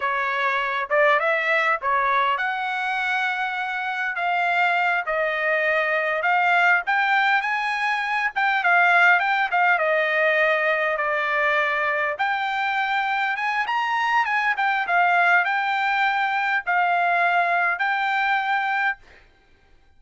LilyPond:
\new Staff \with { instrumentName = "trumpet" } { \time 4/4 \tempo 4 = 101 cis''4. d''8 e''4 cis''4 | fis''2. f''4~ | f''8 dis''2 f''4 g''8~ | g''8 gis''4. g''8 f''4 g''8 |
f''8 dis''2 d''4.~ | d''8 g''2 gis''8 ais''4 | gis''8 g''8 f''4 g''2 | f''2 g''2 | }